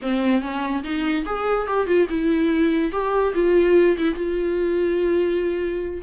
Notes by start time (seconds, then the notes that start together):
0.02 C4
0.41 C#4
0.83 D#4
1.25 G#4
1.67 G4
1.87 F4
2.09 E4
2.91 G4
3.34 F4
3.97 E4
4.14 F4